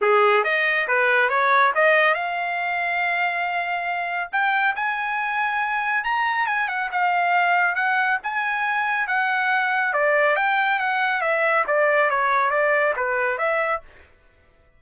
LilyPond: \new Staff \with { instrumentName = "trumpet" } { \time 4/4 \tempo 4 = 139 gis'4 dis''4 b'4 cis''4 | dis''4 f''2.~ | f''2 g''4 gis''4~ | gis''2 ais''4 gis''8 fis''8 |
f''2 fis''4 gis''4~ | gis''4 fis''2 d''4 | g''4 fis''4 e''4 d''4 | cis''4 d''4 b'4 e''4 | }